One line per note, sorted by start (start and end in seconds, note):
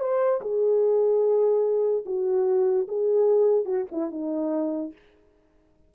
0.00 0.41 C5
0.42 2.05 G#4
2.06 2.87 F#4
2.88 3.65 G#4
3.65 3.86 F#4
3.92 4.11 E4
4.11 4.93 D#4